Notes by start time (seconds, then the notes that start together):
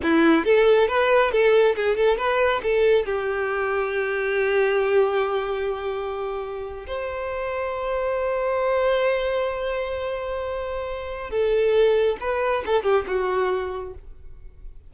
0.02 E4
0.44 A4
0.88 B4
1.31 A4
1.75 G#4
1.96 A4
2.17 B4
2.63 A4
3.05 G4
6.86 C5
11.30 A4
12.20 B4
12.65 A4
12.83 G4
13.07 F#4